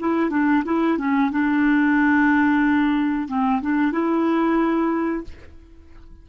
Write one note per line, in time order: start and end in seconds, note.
0.00 0.30 E4
0.30 0.63 D4
0.65 0.98 E4
0.98 1.31 C#4
1.32 3.28 D4
3.28 3.61 C4
3.62 3.92 D4
3.92 5.24 E4